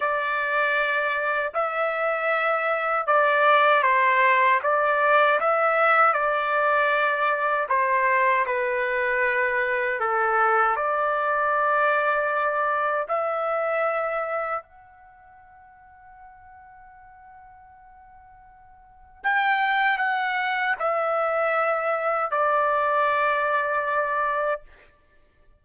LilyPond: \new Staff \with { instrumentName = "trumpet" } { \time 4/4 \tempo 4 = 78 d''2 e''2 | d''4 c''4 d''4 e''4 | d''2 c''4 b'4~ | b'4 a'4 d''2~ |
d''4 e''2 fis''4~ | fis''1~ | fis''4 g''4 fis''4 e''4~ | e''4 d''2. | }